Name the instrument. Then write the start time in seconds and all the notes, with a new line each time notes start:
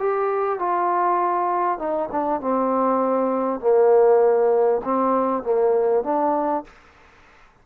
trombone
0.00 G4
0.60 F4
1.79 D#4
2.12 D4
2.41 C4
3.61 A#3
4.85 C4
5.44 A#3
6.04 D4